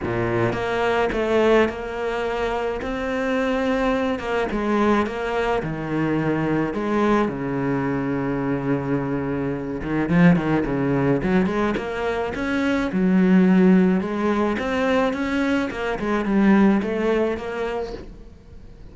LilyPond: \new Staff \with { instrumentName = "cello" } { \time 4/4 \tempo 4 = 107 ais,4 ais4 a4 ais4~ | ais4 c'2~ c'8 ais8 | gis4 ais4 dis2 | gis4 cis2.~ |
cis4. dis8 f8 dis8 cis4 | fis8 gis8 ais4 cis'4 fis4~ | fis4 gis4 c'4 cis'4 | ais8 gis8 g4 a4 ais4 | }